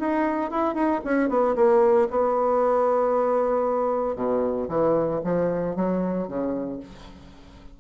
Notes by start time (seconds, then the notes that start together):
0.00 D#4
0.51 E4
0.75 D#4
1.05 C#4
1.29 B3
1.56 A#3
2.11 B3
4.16 B2
4.69 E3
5.24 F3
5.76 F#3
6.28 C#3